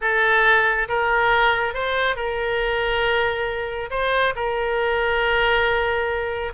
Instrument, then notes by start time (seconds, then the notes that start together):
oboe
0.01 A4
0.88 A#4
1.74 C5
2.15 A#4
3.90 C5
4.35 A#4